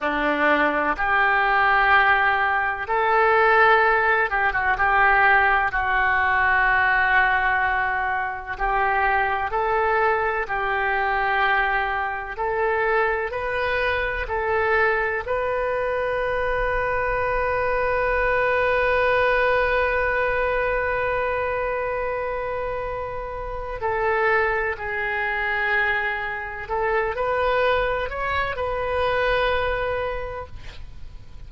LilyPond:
\new Staff \with { instrumentName = "oboe" } { \time 4/4 \tempo 4 = 63 d'4 g'2 a'4~ | a'8 g'16 fis'16 g'4 fis'2~ | fis'4 g'4 a'4 g'4~ | g'4 a'4 b'4 a'4 |
b'1~ | b'1~ | b'4 a'4 gis'2 | a'8 b'4 cis''8 b'2 | }